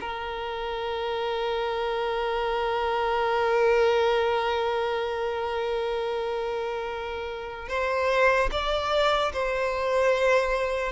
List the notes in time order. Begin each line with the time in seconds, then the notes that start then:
0.00 A#4
7.68 C5
8.51 D5
9.32 C5